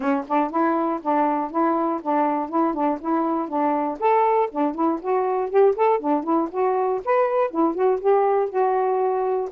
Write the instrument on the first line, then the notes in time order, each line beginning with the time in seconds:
saxophone
0.00 C#4
0.27 D4
0.50 E4
1.02 D4
1.50 E4
2.02 D4
2.49 E4
2.74 D4
3.00 E4
3.48 D4
3.99 A4
4.51 D4
4.74 E4
5.01 F#4
5.50 G4
5.75 A4
5.99 D4
6.23 E4
6.51 F#4
7.04 B4
7.50 E4
7.74 F#4
8.00 G4
8.49 F#4